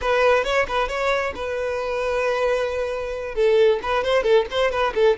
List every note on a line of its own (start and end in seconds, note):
0.01 0.44 B4
0.44 0.66 C#5
0.68 0.88 B4
0.88 1.33 C#5
1.35 3.34 B4
3.34 3.79 A4
3.82 4.04 B4
4.04 4.23 C5
4.23 4.45 A4
4.51 4.71 C5
4.71 4.93 B4
4.95 5.17 A4